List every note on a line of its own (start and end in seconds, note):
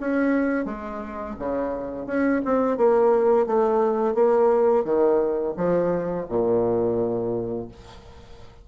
0.00 0.66 C#4
0.66 1.35 G#3
1.39 2.07 C#3
2.07 2.42 C#4
2.45 2.77 C4
2.77 3.47 A#3
3.47 4.15 A3
4.15 4.85 A#3
4.85 5.55 D#3
5.57 6.27 F3
6.29 7.68 A#2